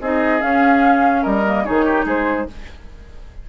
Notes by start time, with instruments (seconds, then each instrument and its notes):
0.00 bassoon C4, clarinet D#4, oboe G#4, flute D#5
0.39 clarinet C#4, bassoon C#4, flute F5
1.21 bassoon G3, oboe A#4, flute D#5
1.45 clarinet A#3
1.65 bassoon D#3, clarinet D#4, oboe G#4, flute C#5
1.85 oboe G4
2.04 bassoon G#3, oboe G#4, flute C5